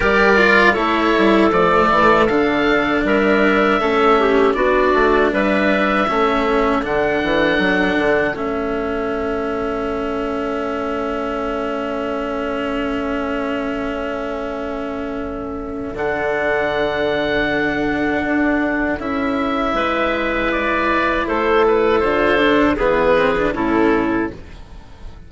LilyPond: <<
  \new Staff \with { instrumentName = "oboe" } { \time 4/4 \tempo 4 = 79 d''4 cis''4 d''4 f''4 | e''2 d''4 e''4~ | e''4 fis''2 e''4~ | e''1~ |
e''1~ | e''4 fis''2.~ | fis''4 e''2 d''4 | c''8 b'8 c''4 b'4 a'4 | }
  \new Staff \with { instrumentName = "clarinet" } { \time 4/4 ais'4 a'2. | ais'4 a'8 g'8 fis'4 b'4 | a'1~ | a'1~ |
a'1~ | a'1~ | a'2 b'2 | a'2 gis'4 e'4 | }
  \new Staff \with { instrumentName = "cello" } { \time 4/4 g'8 f'8 e'4 a4 d'4~ | d'4 cis'4 d'2 | cis'4 d'2 cis'4~ | cis'1~ |
cis'1~ | cis'4 d'2.~ | d'4 e'2.~ | e'4 f'8 d'8 b8 c'16 d'16 cis'4 | }
  \new Staff \with { instrumentName = "bassoon" } { \time 4/4 g4 a8 g8 f8 e8 d4 | g4 a4 b8 a8 g4 | a4 d8 e8 fis8 d8 a4~ | a1~ |
a1~ | a4 d2. | d'4 cis'4 gis2 | a4 d4 e4 a,4 | }
>>